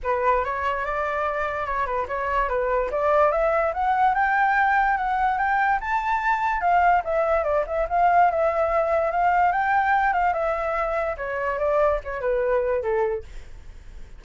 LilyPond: \new Staff \with { instrumentName = "flute" } { \time 4/4 \tempo 4 = 145 b'4 cis''4 d''2 | cis''8 b'8 cis''4 b'4 d''4 | e''4 fis''4 g''2 | fis''4 g''4 a''2 |
f''4 e''4 d''8 e''8 f''4 | e''2 f''4 g''4~ | g''8 f''8 e''2 cis''4 | d''4 cis''8 b'4. a'4 | }